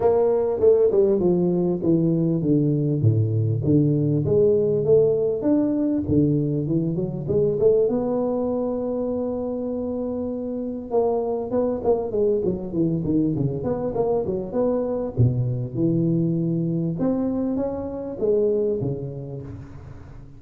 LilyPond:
\new Staff \with { instrumentName = "tuba" } { \time 4/4 \tempo 4 = 99 ais4 a8 g8 f4 e4 | d4 a,4 d4 gis4 | a4 d'4 d4 e8 fis8 | gis8 a8 b2.~ |
b2 ais4 b8 ais8 | gis8 fis8 e8 dis8 cis8 b8 ais8 fis8 | b4 b,4 e2 | c'4 cis'4 gis4 cis4 | }